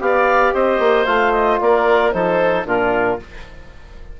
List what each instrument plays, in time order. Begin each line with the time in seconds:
0.00 bassoon B3, trombone G4, oboe D5, clarinet F5
0.53 bassoon C4, oboe C5, clarinet D#5
0.79 bassoon A#3
1.06 bassoon A3, trombone F4, clarinet F5
1.31 clarinet D#5
1.60 bassoon A#3, oboe A#4, clarinet D5
2.12 bassoon F3, trombone D#4, oboe A4, clarinet C5
2.65 bassoon A#2, trombone D4, oboe F4, clarinet A#4